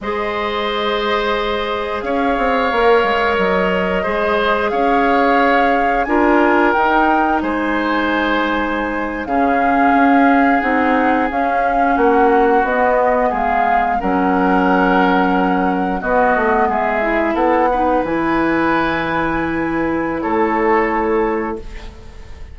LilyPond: <<
  \new Staff \with { instrumentName = "flute" } { \time 4/4 \tempo 4 = 89 dis''2. f''4~ | f''4 dis''2 f''4~ | f''4 gis''4 g''4 gis''4~ | gis''4.~ gis''16 f''2 fis''16~ |
fis''8. f''4 fis''4 dis''4 f''16~ | f''8. fis''2. dis''16~ | dis''8. e''4 fis''4 gis''4~ gis''16~ | gis''2 cis''2 | }
  \new Staff \with { instrumentName = "oboe" } { \time 4/4 c''2. cis''4~ | cis''2 c''4 cis''4~ | cis''4 ais'2 c''4~ | c''4.~ c''16 gis'2~ gis'16~ |
gis'4.~ gis'16 fis'2 gis'16~ | gis'8. ais'2. fis'16~ | fis'8. gis'4 a'8 b'4.~ b'16~ | b'2 a'2 | }
  \new Staff \with { instrumentName = "clarinet" } { \time 4/4 gis'1 | ais'2 gis'2~ | gis'4 f'4 dis'2~ | dis'4.~ dis'16 cis'2 dis'16~ |
dis'8. cis'2 b4~ b16~ | b8. cis'2. b16~ | b4~ b16 e'4 dis'8 e'4~ e'16~ | e'1 | }
  \new Staff \with { instrumentName = "bassoon" } { \time 4/4 gis2. cis'8 c'8 | ais8 gis8 fis4 gis4 cis'4~ | cis'4 d'4 dis'4 gis4~ | gis4.~ gis16 cis4 cis'4 c'16~ |
c'8. cis'4 ais4 b4 gis16~ | gis8. fis2. b16~ | b16 a8 gis4 b4 e4~ e16~ | e2 a2 | }
>>